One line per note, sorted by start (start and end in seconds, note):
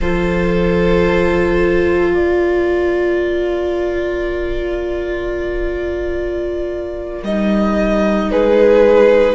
0.00 2.14 F3
0.00 7.25 F4
0.00 2.13 A4
0.00 2.13 C5
2.13 7.23 A#3
2.13 8.29 A#4
2.13 7.22 D5
7.23 8.29 G3
7.23 9.34 D#4
7.23 8.31 D#5
8.29 9.34 G#3
8.29 9.34 G#4
8.29 9.34 B4